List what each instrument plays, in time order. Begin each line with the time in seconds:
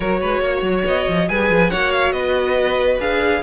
0.00 cello F#3, viola F#4, violin A#4 C#5
0.20 cello G#3, violin B4
0.40 cello A#3, violin C#5
0.62 cello F#3
0.85 cello B3, violin D#5
1.08 cello F3
1.28 cello G3, viola G#4, violin B4 G#5
1.50 cello F3
1.70 cello A#3, viola F#4, violin C#5 F#5
1.91 violin F5
2.12 cello B3, violin B4 D#5
2.99 cello D4, viola G#4, violin F5